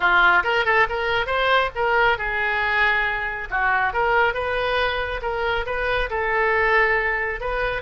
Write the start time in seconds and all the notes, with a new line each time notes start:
0.00 F4
0.43 A#4
0.65 A4
0.89 A#4
1.26 C5
1.75 A#4
2.18 G#4
3.50 F#4
3.93 A#4
4.33 B4
5.22 A#4
5.66 B4
6.10 A4
7.40 B4